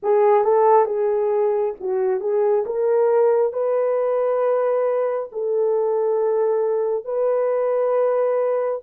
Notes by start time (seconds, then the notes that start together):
0.02 G#4
0.44 A4
0.85 G#4
1.80 F#4
2.20 G#4
2.66 A#4
3.53 B4
5.32 A4
7.05 B4